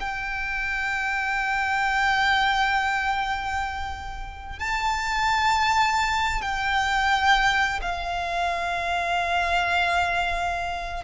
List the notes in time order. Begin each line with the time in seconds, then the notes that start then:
0.00 G5
4.59 A5
6.41 G5
7.81 F5